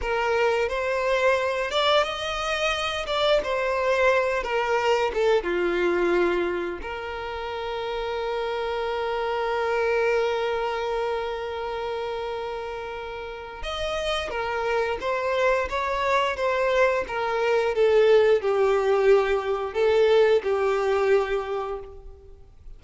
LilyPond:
\new Staff \with { instrumentName = "violin" } { \time 4/4 \tempo 4 = 88 ais'4 c''4. d''8 dis''4~ | dis''8 d''8 c''4. ais'4 a'8 | f'2 ais'2~ | ais'1~ |
ais'1 | dis''4 ais'4 c''4 cis''4 | c''4 ais'4 a'4 g'4~ | g'4 a'4 g'2 | }